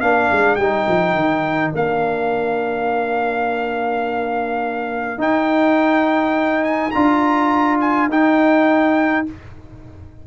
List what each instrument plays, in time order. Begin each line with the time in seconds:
0.00 tuba A#3, trombone D4, horn A#4, trumpet F5
0.32 tuba G#3
0.55 tuba G3, trombone D#4, trumpet G5
0.88 tuba F3
1.14 tuba D#3
1.74 tuba A#3, trombone D4, trumpet F5
5.18 trombone D#4, tuba D#4, trumpet G5
6.64 trumpet G#5
6.91 tuba D4, trombone F4, trumpet A#5
7.80 trumpet G#5
8.09 tuba D#4, trombone D#4, trumpet G5